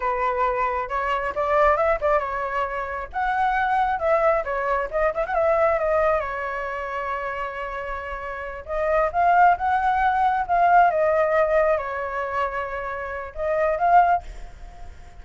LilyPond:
\new Staff \with { instrumentName = "flute" } { \time 4/4 \tempo 4 = 135 b'2 cis''4 d''4 | e''8 d''8 cis''2 fis''4~ | fis''4 e''4 cis''4 dis''8 e''16 fis''16 | e''4 dis''4 cis''2~ |
cis''2.~ cis''8 dis''8~ | dis''8 f''4 fis''2 f''8~ | f''8 dis''2 cis''4.~ | cis''2 dis''4 f''4 | }